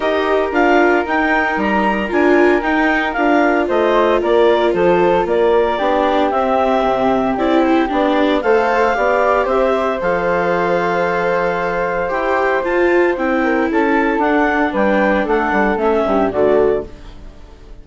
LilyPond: <<
  \new Staff \with { instrumentName = "clarinet" } { \time 4/4 \tempo 4 = 114 dis''4 f''4 g''4 ais''4 | gis''4 g''4 f''4 dis''4 | d''4 c''4 d''2 | e''2 d''8 c''8 d''4 |
f''2 e''4 f''4~ | f''2. g''4 | a''4 g''4 a''4 fis''4 | g''4 fis''4 e''4 d''4 | }
  \new Staff \with { instrumentName = "flute" } { \time 4/4 ais'1~ | ais'2. c''4 | ais'4 a'4 ais'4 g'4~ | g'1 |
c''4 d''4 c''2~ | c''1~ | c''4. ais'8 a'2 | b'4 a'4. g'8 fis'4 | }
  \new Staff \with { instrumentName = "viola" } { \time 4/4 g'4 f'4 dis'2 | f'4 dis'4 f'2~ | f'2. d'4 | c'2 e'4 d'4 |
a'4 g'2 a'4~ | a'2. g'4 | f'4 e'2 d'4~ | d'2 cis'4 a4 | }
  \new Staff \with { instrumentName = "bassoon" } { \time 4/4 dis'4 d'4 dis'4 g4 | d'4 dis'4 d'4 a4 | ais4 f4 ais4 b4 | c'4 c4 c'4 b4 |
a4 b4 c'4 f4~ | f2. e'4 | f'4 c'4 cis'4 d'4 | g4 a8 g8 a8 g,8 d4 | }
>>